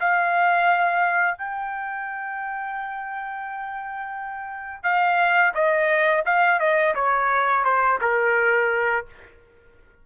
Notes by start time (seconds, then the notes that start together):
0.00 F5
1.38 G5
4.83 F5
5.55 D#5
6.26 F5
6.60 D#5
6.95 C#5
7.64 C5
8.01 A#4